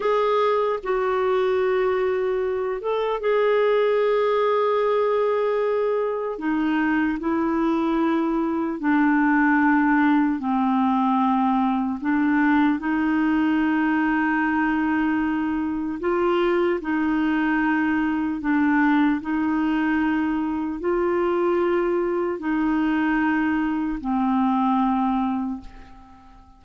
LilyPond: \new Staff \with { instrumentName = "clarinet" } { \time 4/4 \tempo 4 = 75 gis'4 fis'2~ fis'8 a'8 | gis'1 | dis'4 e'2 d'4~ | d'4 c'2 d'4 |
dis'1 | f'4 dis'2 d'4 | dis'2 f'2 | dis'2 c'2 | }